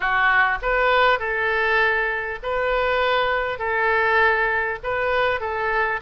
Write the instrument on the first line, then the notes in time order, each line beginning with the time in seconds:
oboe
0.00 F#4
0.62 B4
1.19 A4
2.42 B4
3.58 A4
4.83 B4
5.40 A4